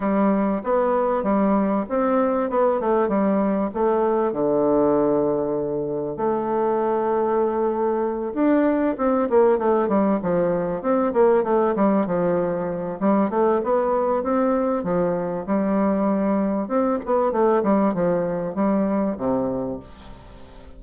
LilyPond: \new Staff \with { instrumentName = "bassoon" } { \time 4/4 \tempo 4 = 97 g4 b4 g4 c'4 | b8 a8 g4 a4 d4~ | d2 a2~ | a4. d'4 c'8 ais8 a8 |
g8 f4 c'8 ais8 a8 g8 f8~ | f4 g8 a8 b4 c'4 | f4 g2 c'8 b8 | a8 g8 f4 g4 c4 | }